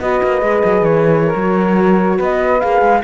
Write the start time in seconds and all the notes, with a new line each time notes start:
0.00 B3 F#4 B4 D#5
0.23 A#3
0.41 G#3 G#4
0.65 F#3
0.82 E3 C#5
1.25 A#4
1.36 F#3 F#4
2.17 B3 B4 D#5
2.60 A#3 G#4 F5
2.82 G#3